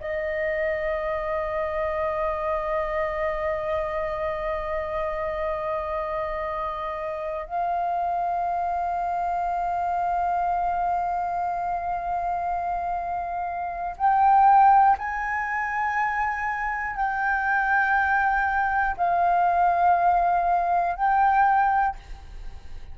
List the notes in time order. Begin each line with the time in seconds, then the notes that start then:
0.00 D#5
7.46 F5
13.97 G5
14.98 G#5
16.96 G5
18.97 F5
20.96 G5